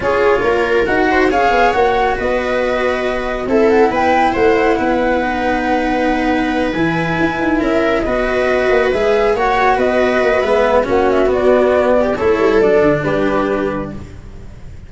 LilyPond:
<<
  \new Staff \with { instrumentName = "flute" } { \time 4/4 \tempo 4 = 138 cis''2 fis''4 f''4 | fis''4 dis''2. | e''8 fis''8 g''4 fis''2~ | fis''2.~ fis''8 gis''8~ |
gis''4. e''4 dis''4.~ | dis''8 e''4 fis''4 dis''4. | e''4 fis''8 e''8 d''2 | cis''4 d''4 b'2 | }
  \new Staff \with { instrumentName = "viola" } { \time 4/4 gis'4 ais'4. c''8 cis''4~ | cis''4 b'2. | a'4 b'4 c''4 b'4~ | b'1~ |
b'4. ais'4 b'4.~ | b'4. cis''4 b'4.~ | b'4 fis'2~ fis'8 g'8 | a'2 g'2 | }
  \new Staff \with { instrumentName = "cello" } { \time 4/4 f'2 fis'4 gis'4 | fis'1 | e'1 | dis'2.~ dis'8 e'8~ |
e'2~ e'8 fis'4.~ | fis'8 gis'4 fis'2~ fis'8 | b4 cis'4 b2 | e'4 d'2. | }
  \new Staff \with { instrumentName = "tuba" } { \time 4/4 cis'4 ais4 dis'4 cis'8 b8 | ais4 b2. | c'4 b4 a4 b4~ | b2.~ b8 e8~ |
e8 e'8 dis'8 cis'4 b4. | ais8 gis4 ais4 b4 ais8 | gis4 ais4 b2 | a8 g8 fis8 d8 g2 | }
>>